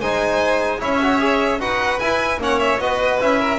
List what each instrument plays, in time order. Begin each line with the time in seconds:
0.00 double bass G#3, trombone D#4, violin C5 G#5
0.79 double bass C#4, trombone E4, violin C#5 E5
1.02 trombone F#4
1.19 trombone G#4
1.60 double bass D#4, trombone F#4, violin B4 F#5
1.99 trombone E4, double bass E4, violin G#5
2.38 double bass A#3, trombone C#4, violin C#5 F#5
2.59 violin E5
2.79 double bass B3, trombone F#4, violin B4 D#5
3.20 double bass C#4, trombone E4, violin E5
3.40 violin A#4